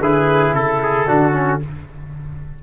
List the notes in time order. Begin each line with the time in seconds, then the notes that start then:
0.00 D3 E4 G#4 B4
0.52 C#3 A4
0.82 G#4
1.07 D3 D4 F#4
1.33 C#4